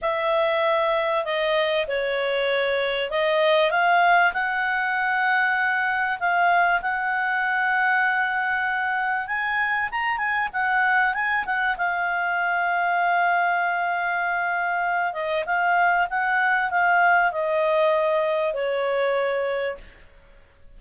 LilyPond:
\new Staff \with { instrumentName = "clarinet" } { \time 4/4 \tempo 4 = 97 e''2 dis''4 cis''4~ | cis''4 dis''4 f''4 fis''4~ | fis''2 f''4 fis''4~ | fis''2. gis''4 |
ais''8 gis''8 fis''4 gis''8 fis''8 f''4~ | f''1~ | f''8 dis''8 f''4 fis''4 f''4 | dis''2 cis''2 | }